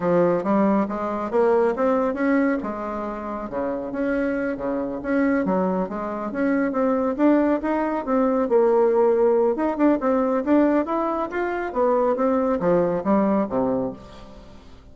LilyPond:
\new Staff \with { instrumentName = "bassoon" } { \time 4/4 \tempo 4 = 138 f4 g4 gis4 ais4 | c'4 cis'4 gis2 | cis4 cis'4. cis4 cis'8~ | cis'8 fis4 gis4 cis'4 c'8~ |
c'8 d'4 dis'4 c'4 ais8~ | ais2 dis'8 d'8 c'4 | d'4 e'4 f'4 b4 | c'4 f4 g4 c4 | }